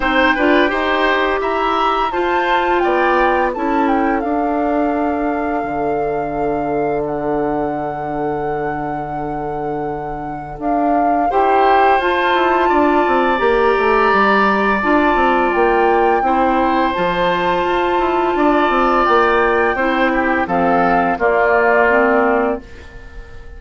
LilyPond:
<<
  \new Staff \with { instrumentName = "flute" } { \time 4/4 \tempo 4 = 85 g''2 ais''4 a''4 | g''4 a''8 g''8 f''2~ | f''2 fis''2~ | fis''2. f''4 |
g''4 a''2 ais''4~ | ais''4 a''4 g''2 | a''2. g''4~ | g''4 f''4 d''2 | }
  \new Staff \with { instrumentName = "oboe" } { \time 4/4 c''8 b'8 c''4 e''4 c''4 | d''4 a'2.~ | a'1~ | a'1 |
c''2 d''2~ | d''2. c''4~ | c''2 d''2 | c''8 g'8 a'4 f'2 | }
  \new Staff \with { instrumentName = "clarinet" } { \time 4/4 dis'8 f'8 g'2 f'4~ | f'4 e'4 d'2~ | d'1~ | d'1 |
g'4 f'2 g'4~ | g'4 f'2 e'4 | f'1 | e'4 c'4 ais4 c'4 | }
  \new Staff \with { instrumentName = "bassoon" } { \time 4/4 c'8 d'8 dis'4 e'4 f'4 | b4 cis'4 d'2 | d1~ | d2. d'4 |
e'4 f'8 e'8 d'8 c'8 ais8 a8 | g4 d'8 c'8 ais4 c'4 | f4 f'8 e'8 d'8 c'8 ais4 | c'4 f4 ais2 | }
>>